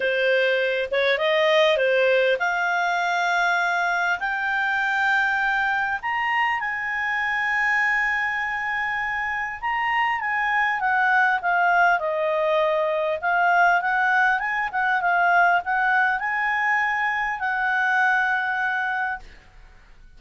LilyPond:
\new Staff \with { instrumentName = "clarinet" } { \time 4/4 \tempo 4 = 100 c''4. cis''8 dis''4 c''4 | f''2. g''4~ | g''2 ais''4 gis''4~ | gis''1 |
ais''4 gis''4 fis''4 f''4 | dis''2 f''4 fis''4 | gis''8 fis''8 f''4 fis''4 gis''4~ | gis''4 fis''2. | }